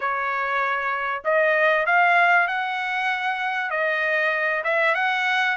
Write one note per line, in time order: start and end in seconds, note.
0.00 1.23 C#5
1.24 1.86 D#5
1.86 2.47 F5
2.47 3.70 F#5
3.70 4.63 D#5
4.63 4.94 E5
4.95 5.56 F#5